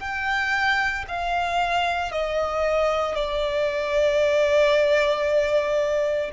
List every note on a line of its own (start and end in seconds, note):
0.00 1.05 G5
1.08 2.12 F5
2.12 3.15 D#5
3.15 6.31 D5